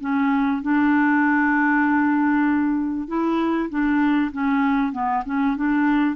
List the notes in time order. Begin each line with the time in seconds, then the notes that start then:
0.00 C#4
0.62 D4
3.07 E4
3.69 D4
4.32 C#4
4.92 B3
5.25 C#4
5.56 D4